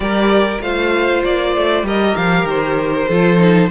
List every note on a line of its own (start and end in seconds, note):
0.00 0.58 G3
0.00 0.61 G4
0.00 0.62 A#4
0.00 0.61 D5
0.60 1.22 A3
0.60 1.85 F4
0.60 1.86 C5
0.60 1.23 F5
1.24 1.55 A#3
1.24 1.86 D5
1.56 1.82 A3
1.82 2.13 G3
1.82 3.09 G4
1.82 3.08 A#4
1.82 2.16 D#5
2.16 2.43 F3
2.16 2.47 F5
2.43 3.05 D#3
2.43 3.70 C5
3.08 3.70 F3
3.08 3.38 F4
3.08 3.70 A4
3.38 3.69 D#4